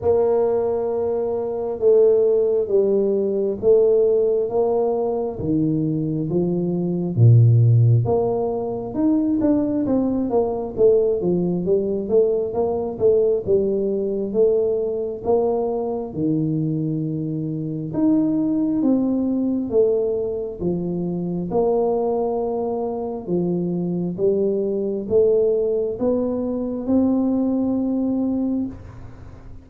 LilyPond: \new Staff \with { instrumentName = "tuba" } { \time 4/4 \tempo 4 = 67 ais2 a4 g4 | a4 ais4 dis4 f4 | ais,4 ais4 dis'8 d'8 c'8 ais8 | a8 f8 g8 a8 ais8 a8 g4 |
a4 ais4 dis2 | dis'4 c'4 a4 f4 | ais2 f4 g4 | a4 b4 c'2 | }